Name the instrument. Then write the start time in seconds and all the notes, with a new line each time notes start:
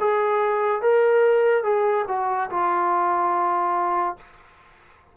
trombone
0.00 G#4
0.82 A#4
1.64 G#4
2.08 F#4
2.50 F4